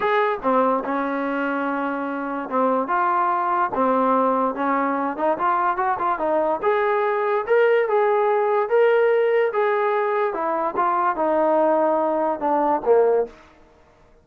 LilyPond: \new Staff \with { instrumentName = "trombone" } { \time 4/4 \tempo 4 = 145 gis'4 c'4 cis'2~ | cis'2 c'4 f'4~ | f'4 c'2 cis'4~ | cis'8 dis'8 f'4 fis'8 f'8 dis'4 |
gis'2 ais'4 gis'4~ | gis'4 ais'2 gis'4~ | gis'4 e'4 f'4 dis'4~ | dis'2 d'4 ais4 | }